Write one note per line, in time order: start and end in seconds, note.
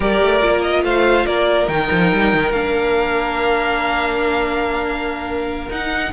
0.00 0.20 G3
0.00 0.41 G4
0.00 0.83 A#4
0.00 0.61 D5
0.21 0.42 A3
0.41 0.83 A#3
0.41 1.67 F4
0.61 0.82 D#5
0.83 1.25 A3
0.83 1.26 C5
0.83 1.26 F5
1.26 1.68 A#3
1.26 6.12 A#4
1.26 1.68 D5
1.67 1.89 D#3
1.67 2.51 D#4
1.67 2.52 G5
1.91 2.12 F3
2.12 2.33 G3
2.33 2.51 D#3
2.51 5.68 A#3
2.51 5.71 D4
2.51 5.68 F5
5.69 6.12 D#4
5.69 6.12 F#5